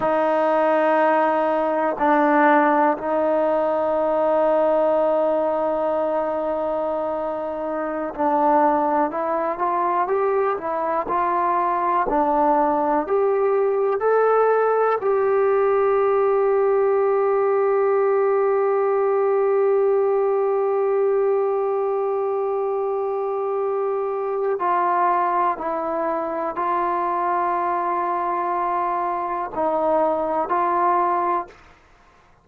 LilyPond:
\new Staff \with { instrumentName = "trombone" } { \time 4/4 \tempo 4 = 61 dis'2 d'4 dis'4~ | dis'1~ | dis'16 d'4 e'8 f'8 g'8 e'8 f'8.~ | f'16 d'4 g'4 a'4 g'8.~ |
g'1~ | g'1~ | g'4 f'4 e'4 f'4~ | f'2 dis'4 f'4 | }